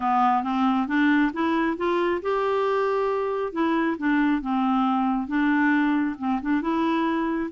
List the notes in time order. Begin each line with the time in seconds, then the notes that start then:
0.00 B3
0.43 C4
0.87 D4
1.33 E4
1.77 F4
2.22 G4
3.52 E4
3.97 D4
4.41 C4
5.27 D4
6.18 C4
6.41 D4
6.61 E4